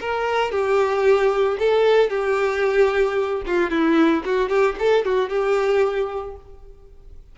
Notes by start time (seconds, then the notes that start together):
0.00 A#4
0.51 G4
1.59 A4
2.10 G4
3.46 F4
3.70 E4
4.25 F#4
4.49 G4
4.79 A4
5.05 F#4
5.29 G4